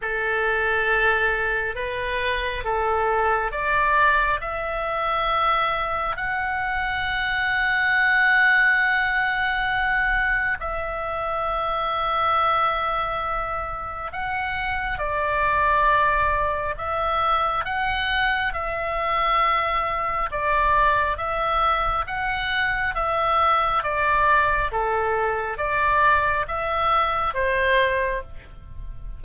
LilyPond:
\new Staff \with { instrumentName = "oboe" } { \time 4/4 \tempo 4 = 68 a'2 b'4 a'4 | d''4 e''2 fis''4~ | fis''1 | e''1 |
fis''4 d''2 e''4 | fis''4 e''2 d''4 | e''4 fis''4 e''4 d''4 | a'4 d''4 e''4 c''4 | }